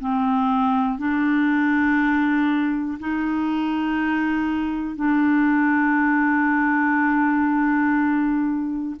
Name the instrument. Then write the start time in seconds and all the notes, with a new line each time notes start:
clarinet
0.00 C4
0.98 D4
3.00 D#4
4.95 D4